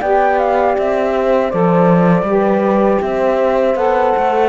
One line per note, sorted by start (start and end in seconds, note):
0.00 0.76 B3
0.00 1.51 G4
0.00 1.12 D5
0.00 0.38 G5
0.38 0.76 F5
0.77 1.52 C4
0.77 1.50 E5
1.16 2.28 C5
1.50 2.22 F3
1.50 2.25 A4
1.50 3.00 D5
2.22 2.97 G3
2.22 3.75 G4
2.29 3.03 B4
3.01 3.75 C4
3.01 4.49 C5
3.01 3.76 E5
3.75 4.13 B3
3.75 4.49 A4
3.75 4.49 F#5
4.17 4.49 A3